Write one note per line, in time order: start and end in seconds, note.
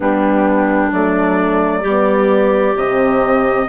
0.00 0.92 G3
0.00 0.90 B3
0.00 1.81 D4
0.00 0.92 G4
0.92 1.83 F#3
0.92 1.84 A3
0.92 2.76 D5
1.81 2.75 G3
1.81 2.77 B3
1.81 3.65 G4
2.75 3.67 C3
2.75 3.68 C4
2.75 3.68 D#5